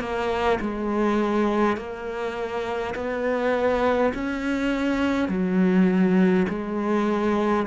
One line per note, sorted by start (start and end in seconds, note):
0.00 0.59 A#3
0.60 1.77 G#3
1.77 2.95 A#3
2.95 4.12 B3
4.14 5.28 C#4
5.28 6.46 F#3
6.49 7.66 G#3